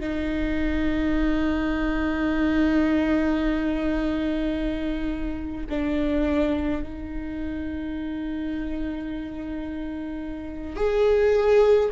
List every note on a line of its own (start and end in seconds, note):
0.00 5.66 D#4
5.69 6.82 D4
6.82 10.76 D#4
10.76 11.89 G#4